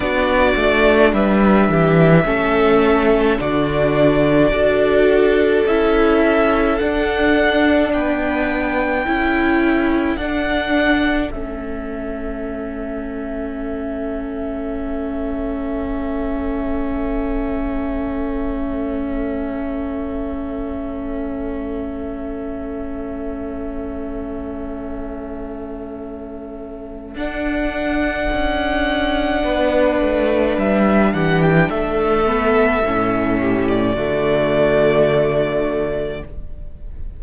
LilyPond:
<<
  \new Staff \with { instrumentName = "violin" } { \time 4/4 \tempo 4 = 53 d''4 e''2 d''4~ | d''4 e''4 fis''4 g''4~ | g''4 fis''4 e''2~ | e''1~ |
e''1~ | e''1 | fis''2. e''8 fis''16 g''16 | e''4.~ e''16 d''2~ d''16 | }
  \new Staff \with { instrumentName = "violin" } { \time 4/4 fis'4 b'8 g'8 a'4 fis'4 | a'2. b'4 | a'1~ | a'1~ |
a'1~ | a'1~ | a'2 b'4. g'8 | a'4. g'8 fis'2 | }
  \new Staff \with { instrumentName = "viola" } { \time 4/4 d'2 cis'4 d'4 | fis'4 e'4 d'2 | e'4 d'4 cis'2~ | cis'1~ |
cis'1~ | cis'1 | d'1~ | d'8 b8 cis'4 a2 | }
  \new Staff \with { instrumentName = "cello" } { \time 4/4 b8 a8 g8 e8 a4 d4 | d'4 cis'4 d'4 b4 | cis'4 d'4 a2~ | a1~ |
a1~ | a1 | d'4 cis'4 b8 a8 g8 e8 | a4 a,4 d2 | }
>>